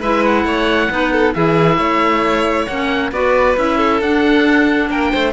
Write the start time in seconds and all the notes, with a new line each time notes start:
0.00 G#3 E4 B4 E5
0.25 F#5
0.44 A3 C#5
0.90 B3 D#4 B4
1.12 A4
1.34 E3 E4 G#4 E5
1.77 A3 C#5
2.66 A#3 C#4 F#5
3.12 B3 F#4 B4 D5
3.57 C#4 E4 E5
3.77 A4
4.01 D4 F#5
4.89 A#3 A#4 G5
5.11 A3 C5